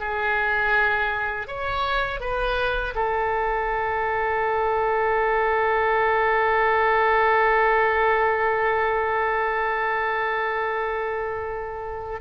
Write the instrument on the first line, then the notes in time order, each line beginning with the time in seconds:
oboe
0.00 G#4
1.48 C#5
2.20 B4
2.95 A4